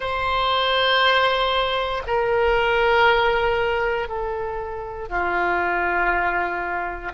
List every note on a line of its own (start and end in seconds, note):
0.00 2.02 C5
2.07 4.08 A#4
4.08 5.08 A4
5.08 7.12 F4